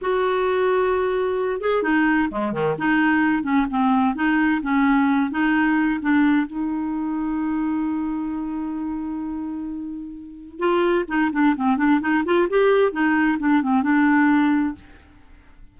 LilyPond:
\new Staff \with { instrumentName = "clarinet" } { \time 4/4 \tempo 4 = 130 fis'2.~ fis'8 gis'8 | dis'4 gis8 dis8 dis'4. cis'8 | c'4 dis'4 cis'4. dis'8~ | dis'4 d'4 dis'2~ |
dis'1~ | dis'2. f'4 | dis'8 d'8 c'8 d'8 dis'8 f'8 g'4 | dis'4 d'8 c'8 d'2 | }